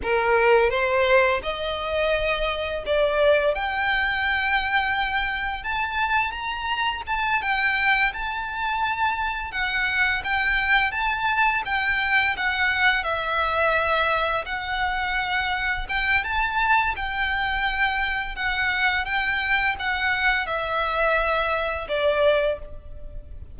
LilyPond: \new Staff \with { instrumentName = "violin" } { \time 4/4 \tempo 4 = 85 ais'4 c''4 dis''2 | d''4 g''2. | a''4 ais''4 a''8 g''4 a''8~ | a''4. fis''4 g''4 a''8~ |
a''8 g''4 fis''4 e''4.~ | e''8 fis''2 g''8 a''4 | g''2 fis''4 g''4 | fis''4 e''2 d''4 | }